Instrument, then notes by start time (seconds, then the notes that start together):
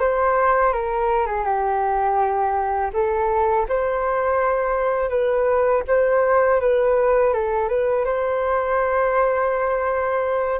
flute
0.00 C5
0.73 A#4
1.27 G#4
1.45 G4
2.93 A4
3.69 C5
5.10 B4
5.88 C5
6.61 B4
7.34 A4
7.69 B4
8.05 C5